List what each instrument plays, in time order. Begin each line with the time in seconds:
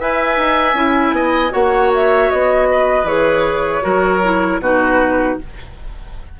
0.00 bassoon E4, clarinet B4, oboe E5, flute G#5
0.37 bassoon D#4
0.74 bassoon C#4, clarinet E4
1.12 bassoon B3, oboe D#5
1.51 bassoon A#3, clarinet F#4, oboe C#5, flute F#5
1.95 flute E5
2.31 bassoon B3, flute D#5
2.71 oboe B4
3.04 bassoon E3, clarinet G#4, flute C#5
3.82 bassoon F#3, clarinet F#4, oboe A#4
4.24 clarinet E4
4.59 bassoon B2, clarinet D#4, oboe F#4, flute B4